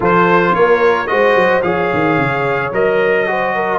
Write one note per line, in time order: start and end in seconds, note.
0.00 0.54 F3
0.00 1.07 F4
0.00 0.54 A4
0.00 0.54 C5
0.54 1.09 A#3
0.54 1.10 A#4
0.54 1.07 C#5
1.07 1.35 G#3
1.07 1.61 F#4
1.07 1.64 C5
1.07 1.61 D#5
1.35 1.62 F#3
1.62 1.90 F3
1.62 2.72 G#4
1.62 3.28 C#5
1.62 2.71 F5
1.93 2.18 D#3
2.18 2.72 C#3
2.72 3.78 F#3
2.72 3.26 A#4
2.72 3.78 D#5
3.26 3.78 F#4
3.26 3.55 C5
3.55 3.78 A#4